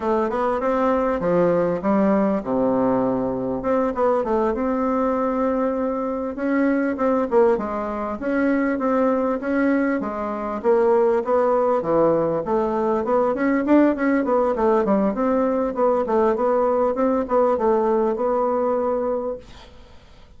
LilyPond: \new Staff \with { instrumentName = "bassoon" } { \time 4/4 \tempo 4 = 99 a8 b8 c'4 f4 g4 | c2 c'8 b8 a8 c'8~ | c'2~ c'8 cis'4 c'8 | ais8 gis4 cis'4 c'4 cis'8~ |
cis'8 gis4 ais4 b4 e8~ | e8 a4 b8 cis'8 d'8 cis'8 b8 | a8 g8 c'4 b8 a8 b4 | c'8 b8 a4 b2 | }